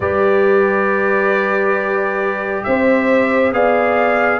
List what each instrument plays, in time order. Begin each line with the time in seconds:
0.00 tuba G3, trombone G4, horn B4, trumpet D5
2.63 tuba C4, horn C5, trumpet E5
3.51 tuba B3, trombone G#4, horn D5, trumpet F5